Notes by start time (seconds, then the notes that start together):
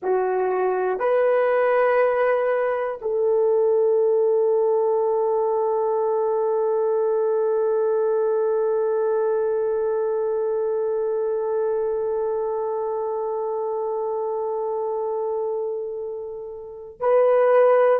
0.02 F#4
0.99 B4
3.01 A4
17.00 B4